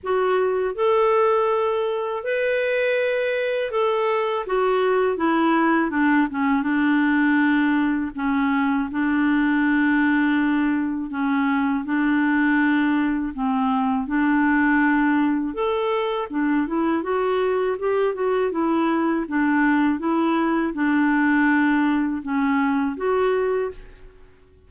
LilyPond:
\new Staff \with { instrumentName = "clarinet" } { \time 4/4 \tempo 4 = 81 fis'4 a'2 b'4~ | b'4 a'4 fis'4 e'4 | d'8 cis'8 d'2 cis'4 | d'2. cis'4 |
d'2 c'4 d'4~ | d'4 a'4 d'8 e'8 fis'4 | g'8 fis'8 e'4 d'4 e'4 | d'2 cis'4 fis'4 | }